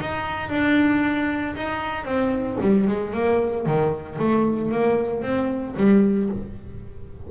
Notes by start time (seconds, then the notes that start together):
0.00 D#4
0.50 D4
1.56 D#4
2.05 C4
2.61 G3
2.87 G#3
3.14 A#3
3.66 D#3
4.19 A3
4.72 A#3
5.22 C4
5.77 G3